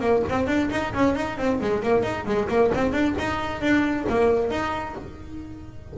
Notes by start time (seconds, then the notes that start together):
0.00 A#3
0.29 C4
0.47 D4
0.71 D#4
0.94 C#4
1.15 D#4
1.37 C4
1.60 G#3
1.82 A#3
2.03 D#4
2.25 G#3
2.49 A#3
2.74 C4
2.92 D4
3.18 D#4
3.61 D4
4.09 A#3
4.50 D#4